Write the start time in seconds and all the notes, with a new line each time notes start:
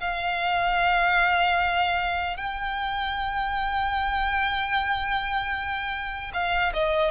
0.00 F5
2.37 G5
6.33 F5
6.73 D#5